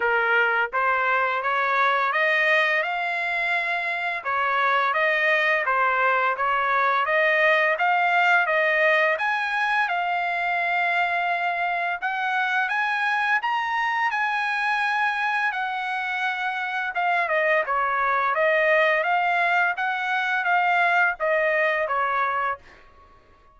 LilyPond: \new Staff \with { instrumentName = "trumpet" } { \time 4/4 \tempo 4 = 85 ais'4 c''4 cis''4 dis''4 | f''2 cis''4 dis''4 | c''4 cis''4 dis''4 f''4 | dis''4 gis''4 f''2~ |
f''4 fis''4 gis''4 ais''4 | gis''2 fis''2 | f''8 dis''8 cis''4 dis''4 f''4 | fis''4 f''4 dis''4 cis''4 | }